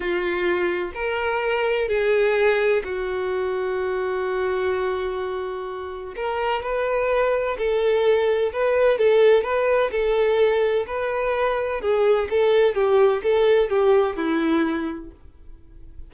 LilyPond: \new Staff \with { instrumentName = "violin" } { \time 4/4 \tempo 4 = 127 f'2 ais'2 | gis'2 fis'2~ | fis'1~ | fis'4 ais'4 b'2 |
a'2 b'4 a'4 | b'4 a'2 b'4~ | b'4 gis'4 a'4 g'4 | a'4 g'4 e'2 | }